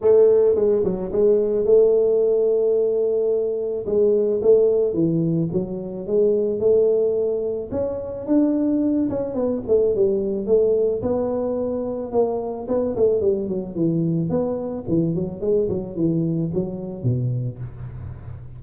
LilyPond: \new Staff \with { instrumentName = "tuba" } { \time 4/4 \tempo 4 = 109 a4 gis8 fis8 gis4 a4~ | a2. gis4 | a4 e4 fis4 gis4 | a2 cis'4 d'4~ |
d'8 cis'8 b8 a8 g4 a4 | b2 ais4 b8 a8 | g8 fis8 e4 b4 e8 fis8 | gis8 fis8 e4 fis4 b,4 | }